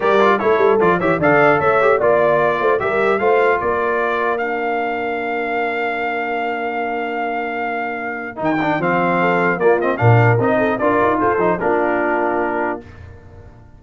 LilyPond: <<
  \new Staff \with { instrumentName = "trumpet" } { \time 4/4 \tempo 4 = 150 d''4 cis''4 d''8 e''8 f''4 | e''4 d''2 e''4 | f''4 d''2 f''4~ | f''1~ |
f''1~ | f''4 g''4 f''2 | d''8 dis''8 f''4 dis''4 d''4 | c''4 ais'2. | }
  \new Staff \with { instrumentName = "horn" } { \time 4/4 ais'4 a'4. cis''8 d''4 | cis''4 d''4. c''8 ais'4 | c''4 ais'2.~ | ais'1~ |
ais'1~ | ais'2. a'4 | f'4 ais'4. a'8 ais'4 | a'4 f'2. | }
  \new Staff \with { instrumentName = "trombone" } { \time 4/4 g'8 f'8 e'4 f'8 g'8 a'4~ | a'8 g'8 f'2 g'4 | f'2. d'4~ | d'1~ |
d'1~ | d'4 dis'8 d'8 c'2 | ais8 c'8 d'4 dis'4 f'4~ | f'8 dis'8 d'2. | }
  \new Staff \with { instrumentName = "tuba" } { \time 4/4 g4 a8 g8 f8 e8 d4 | a4 ais4. a8 g4 | a4 ais2.~ | ais1~ |
ais1~ | ais4 dis4 f2 | ais4 ais,4 c'4 d'8 dis'8 | f'8 f8 ais2. | }
>>